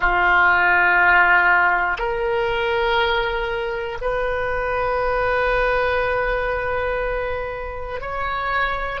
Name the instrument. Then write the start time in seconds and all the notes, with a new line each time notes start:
oboe
0.00 F4
1.98 A#4
4.01 B4
8.00 C#5